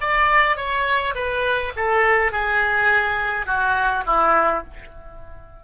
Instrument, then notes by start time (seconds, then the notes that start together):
oboe
0.00 D5
0.57 C#5
1.15 B4
1.76 A4
2.32 G#4
3.46 F#4
4.06 E4